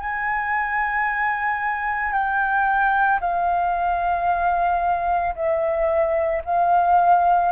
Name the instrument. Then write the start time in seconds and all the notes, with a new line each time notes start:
flute
0.00 G#5
2.13 G5
3.20 F5
5.35 E5
6.45 F5